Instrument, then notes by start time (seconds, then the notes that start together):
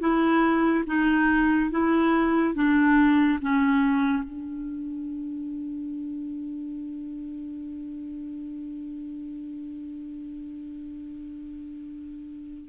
clarinet
0.00 E4
0.87 D#4
1.71 E4
2.55 D4
3.41 C#4
4.23 D4